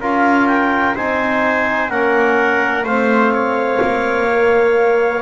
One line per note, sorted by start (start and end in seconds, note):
0.00 0.95 C#4
0.00 0.96 F4
0.00 0.95 A#4
0.00 0.47 F5
0.47 0.95 G5
0.95 1.90 C4
0.95 1.90 D#4
0.95 1.90 C5
0.95 1.89 G#5
1.89 2.83 A#3
1.89 2.85 C#4
1.89 2.84 A#4
1.89 2.85 F#5
2.83 3.79 A3
2.83 4.29 C4
2.83 3.32 C5
2.83 5.22 F5
3.33 5.22 C#5
3.82 5.22 A#3
4.29 5.22 A#3